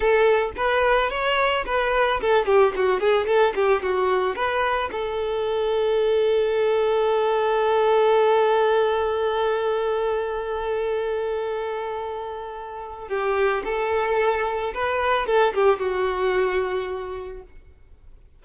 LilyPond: \new Staff \with { instrumentName = "violin" } { \time 4/4 \tempo 4 = 110 a'4 b'4 cis''4 b'4 | a'8 g'8 fis'8 gis'8 a'8 g'8 fis'4 | b'4 a'2.~ | a'1~ |
a'1~ | a'1 | g'4 a'2 b'4 | a'8 g'8 fis'2. | }